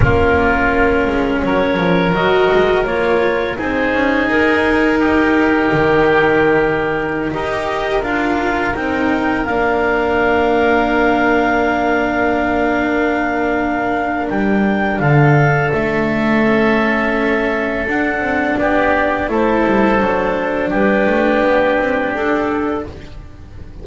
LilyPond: <<
  \new Staff \with { instrumentName = "clarinet" } { \time 4/4 \tempo 4 = 84 ais'2 cis''4 dis''4 | cis''4 c''4 ais'2~ | ais'2~ ais'16 dis''4 f''8.~ | f''16 g''4 f''2~ f''8.~ |
f''1 | g''4 f''4 e''2~ | e''4 fis''4 d''4 c''4~ | c''4 b'2 a'4 | }
  \new Staff \with { instrumentName = "oboe" } { \time 4/4 f'2 ais'2~ | ais'4 gis'2 g'4~ | g'2~ g'16 ais'4.~ ais'16~ | ais'1~ |
ais'1~ | ais'4 a'2.~ | a'2 g'4 a'4~ | a'4 g'2. | }
  \new Staff \with { instrumentName = "cello" } { \time 4/4 cis'2. fis'4 | f'4 dis'2.~ | dis'2~ dis'16 g'4 f'8.~ | f'16 dis'4 d'2~ d'8.~ |
d'1~ | d'2. cis'4~ | cis'4 d'2 e'4 | d'1 | }
  \new Staff \with { instrumentName = "double bass" } { \time 4/4 ais4. gis8 fis8 f8 fis8 gis8 | ais4 c'8 cis'8 dis'2 | dis2~ dis16 dis'4 d'8.~ | d'16 c'4 ais2~ ais8.~ |
ais1 | g4 d4 a2~ | a4 d'8 c'8 b4 a8 g8 | fis4 g8 a8 b8 c'8 d'4 | }
>>